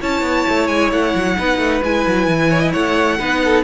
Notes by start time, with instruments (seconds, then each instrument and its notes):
0.00 cello C#4, viola E4, violin C#5 A5
0.21 cello B3
0.49 cello A3
0.67 cello G#3, violin G#5
0.91 cello A3, violin F#5
1.15 cello F#3
1.37 cello B3, viola D#4, violin B4
1.58 cello A3
1.83 cello G#3, viola E4, violin G#5
2.06 cello F#3
2.27 cello E3
2.50 violin C#5
2.59 violin D#5
2.72 cello A3, violin C#5 F#5
3.19 cello B3, viola D#4, violin B4
3.44 violin A4